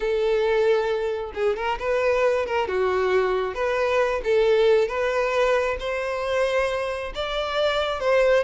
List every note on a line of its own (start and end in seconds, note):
0.00 1.32 A4
1.34 1.56 G#4
1.56 1.78 A#4
1.79 2.46 B4
2.46 2.67 A#4
2.67 3.54 F#4
3.54 4.21 B4
4.23 4.87 A4
4.87 5.76 B4
5.79 7.13 C5
7.14 8.00 D5
8.00 8.43 C5